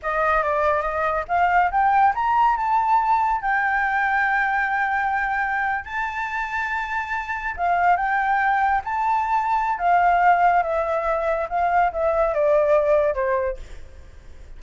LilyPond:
\new Staff \with { instrumentName = "flute" } { \time 4/4 \tempo 4 = 141 dis''4 d''4 dis''4 f''4 | g''4 ais''4 a''2 | g''1~ | g''4.~ g''16 a''2~ a''16~ |
a''4.~ a''16 f''4 g''4~ g''16~ | g''8. a''2~ a''16 f''4~ | f''4 e''2 f''4 | e''4 d''2 c''4 | }